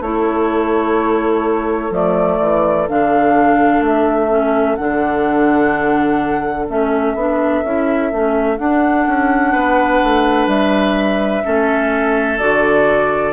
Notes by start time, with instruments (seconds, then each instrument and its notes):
0.00 bassoon A3, clarinet E4, oboe A4, flute C#5
1.91 bassoon F3, clarinet A3, flute D5
2.40 bassoon E3
2.88 bassoon D3, clarinet D4, flute F5
3.81 bassoon A3, flute E5
4.29 clarinet C#4
4.76 bassoon D3, clarinet D4, flute F#5
6.69 bassoon A3, clarinet C#4, flute E5
7.15 bassoon B3, clarinet D4
7.64 bassoon C#4, clarinet E4
8.12 bassoon A3, clarinet C#4
8.58 clarinet D4, bassoon D4, flute F#5
9.08 bassoon C#4
9.52 bassoon B3, oboe B4
10.04 bassoon A3
10.47 bassoon G3, flute E5
11.43 bassoon A3, clarinet C#4, oboe A4
12.39 bassoon D3, clarinet F#4, flute D5